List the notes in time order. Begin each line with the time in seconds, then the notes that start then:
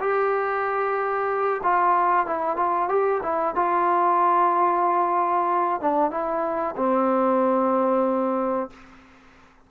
0.00 G4
1.63 F4
2.26 E4
2.57 F4
2.89 G4
3.23 E4
3.55 F4
5.81 D4
6.11 E4
6.77 C4